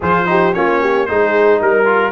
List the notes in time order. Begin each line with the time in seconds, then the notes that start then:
0.00 F3 F4 G#4 C5
0.26 D#4 G4
0.53 A#3 C#4 F4 C#5
0.80 G4
1.06 G#3 D#4 G#4 C5
1.60 G3 A#4
1.85 F4